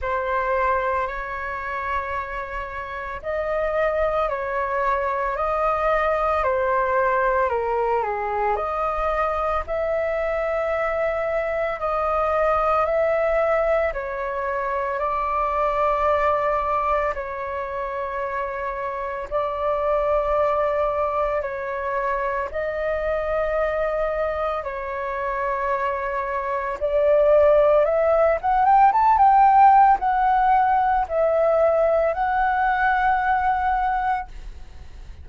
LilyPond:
\new Staff \with { instrumentName = "flute" } { \time 4/4 \tempo 4 = 56 c''4 cis''2 dis''4 | cis''4 dis''4 c''4 ais'8 gis'8 | dis''4 e''2 dis''4 | e''4 cis''4 d''2 |
cis''2 d''2 | cis''4 dis''2 cis''4~ | cis''4 d''4 e''8 fis''16 g''16 a''16 g''8. | fis''4 e''4 fis''2 | }